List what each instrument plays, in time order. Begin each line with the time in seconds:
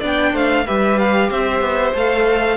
0.00 cello B3, viola D4, violin D5
0.07 violin G5
0.33 cello A3, violin C5 F5
0.66 cello G3, viola G4, violin B4 E5
0.99 violin F5
1.30 cello C4, violin C5 E5
1.61 cello B3
1.95 cello A3, viola A4, violin F5